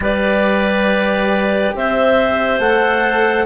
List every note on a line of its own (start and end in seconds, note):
0.00 1.73 G3
0.00 2.59 G4
0.00 1.76 B4
0.00 1.75 D5
1.74 2.59 C4
1.74 3.46 C5
1.74 2.60 E5
2.59 3.46 A3
2.59 3.46 A4
2.59 3.46 F#5